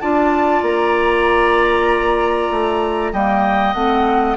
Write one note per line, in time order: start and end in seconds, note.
0.00 0.62 D4
0.00 3.14 F4
0.00 3.12 D5
0.00 0.62 A5
0.62 2.50 A#3
0.62 3.13 A#5
2.51 3.13 A3
3.12 3.74 G3
3.12 3.74 A#3
3.12 4.37 D#5
3.12 3.74 G5
3.74 4.37 A3
3.74 4.37 C4
3.74 4.36 F#5